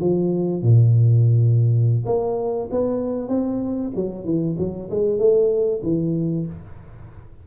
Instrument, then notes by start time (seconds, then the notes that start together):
tuba
0.00 F3
0.62 A#2
2.06 A#3
2.71 B3
3.28 C4
3.96 F#3
4.25 E3
4.58 F#3
4.90 G#3
5.18 A3
5.83 E3